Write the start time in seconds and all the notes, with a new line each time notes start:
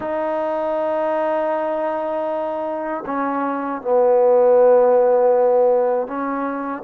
0.00 D#4
3.06 C#4
3.81 B3
6.07 C#4